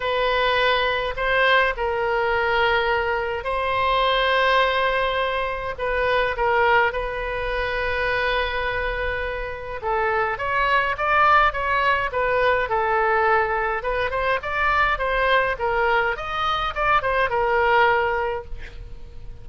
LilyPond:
\new Staff \with { instrumentName = "oboe" } { \time 4/4 \tempo 4 = 104 b'2 c''4 ais'4~ | ais'2 c''2~ | c''2 b'4 ais'4 | b'1~ |
b'4 a'4 cis''4 d''4 | cis''4 b'4 a'2 | b'8 c''8 d''4 c''4 ais'4 | dis''4 d''8 c''8 ais'2 | }